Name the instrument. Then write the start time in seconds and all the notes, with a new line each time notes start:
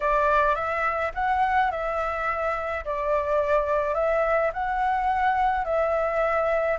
flute
0.00 D5
0.55 E5
1.14 F#5
1.71 E5
2.85 D5
3.94 E5
4.53 F#5
5.64 E5